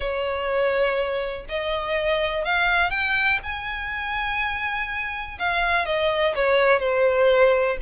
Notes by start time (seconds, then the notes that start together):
0.00 C#5
1.48 D#5
2.44 F5
2.90 G5
3.43 G#5
5.38 F5
5.85 D#5
6.35 C#5
6.79 C5